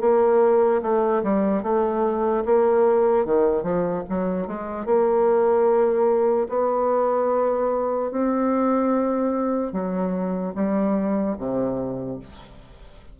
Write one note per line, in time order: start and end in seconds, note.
0.00 0.81 A#3
0.81 1.22 A3
1.23 1.63 G3
1.63 2.44 A3
2.45 3.25 A#3
3.25 3.62 D#3
3.62 4.03 F3
4.09 4.47 F#3
4.47 4.85 G#3
4.85 6.47 A#3
6.49 8.11 B3
8.11 9.72 C4
9.72 10.53 F#3
10.54 11.36 G3
11.38 12.19 C3